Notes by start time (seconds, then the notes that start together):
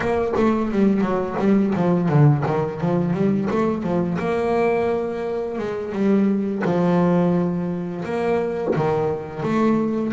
0.00 A#3
0.36 A3
0.71 G3
1.01 F#3
1.39 G3
1.75 F3
2.08 D3
2.46 D#3
2.81 F3
3.13 G3
3.50 A3
3.82 F3
4.18 A#3
5.58 G#3
5.92 G3
6.65 F3
8.04 A#3
8.75 D#3
9.42 A3